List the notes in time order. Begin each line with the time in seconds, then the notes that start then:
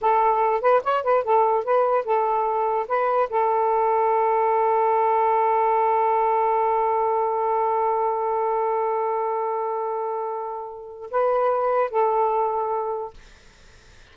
0.01 A4
0.61 B4
0.83 C#5
1.03 B4
1.23 A4
1.64 B4
2.04 A4
2.88 B4
3.29 A4
11.10 B4
11.90 A4